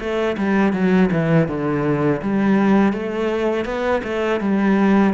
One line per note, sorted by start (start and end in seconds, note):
0.00 0.37 A3
0.38 0.73 G3
0.73 1.10 F#3
1.12 1.48 E3
1.48 2.22 D3
2.22 2.93 G3
2.93 3.66 A3
3.66 4.02 B3
4.04 4.41 A3
4.41 5.14 G3